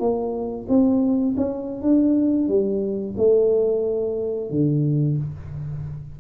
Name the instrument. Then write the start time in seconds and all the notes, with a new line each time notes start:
tuba
0.00 A#3
0.69 C4
1.38 C#4
1.82 D4
2.49 G3
3.18 A3
4.51 D3